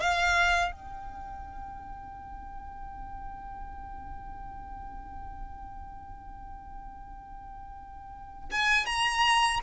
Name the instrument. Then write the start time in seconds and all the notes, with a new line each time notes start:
violin
0.00 F5
0.72 G5
8.52 G#5
8.86 A#5